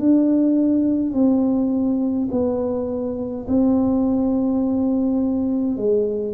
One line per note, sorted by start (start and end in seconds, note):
0.00 1.14 D4
1.14 2.29 C4
2.31 3.47 B3
3.49 5.77 C4
5.77 6.34 G#3